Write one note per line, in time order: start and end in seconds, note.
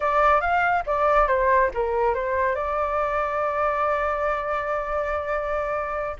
0.00 0.40 D5
0.40 0.83 F5
0.86 1.27 D5
1.27 1.70 C5
1.74 2.14 A#4
2.14 2.55 C5
2.55 6.16 D5